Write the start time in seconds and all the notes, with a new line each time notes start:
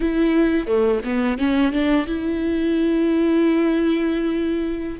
0.00 E4
0.66 A3
1.04 B3
1.38 C#4
1.72 D4
2.06 E4